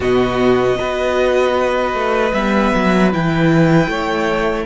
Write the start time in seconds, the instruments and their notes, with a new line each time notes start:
0.00 cello B2, viola B3, violin F#4 D#5
0.74 cello B3, viola F#4, violin B4
1.93 cello A3
2.33 cello G3, viola B3, violin E5
2.75 cello F#3
3.12 cello E3, viola E4, violin G5
3.87 cello A3, violin C#5